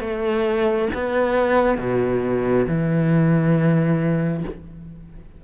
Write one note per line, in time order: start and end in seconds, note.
0.00 0.88 A3
0.94 1.78 B3
1.78 2.66 B2
2.67 4.44 E3